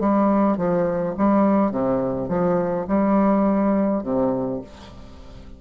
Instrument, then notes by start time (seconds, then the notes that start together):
bassoon
0.00 G3
0.57 F3
1.17 G3
1.71 C3
2.28 F3
2.88 G3
4.03 C3